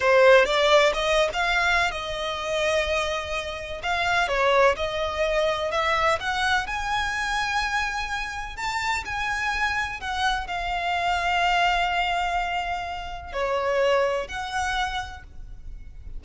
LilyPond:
\new Staff \with { instrumentName = "violin" } { \time 4/4 \tempo 4 = 126 c''4 d''4 dis''8. f''4~ f''16 | dis''1 | f''4 cis''4 dis''2 | e''4 fis''4 gis''2~ |
gis''2 a''4 gis''4~ | gis''4 fis''4 f''2~ | f''1 | cis''2 fis''2 | }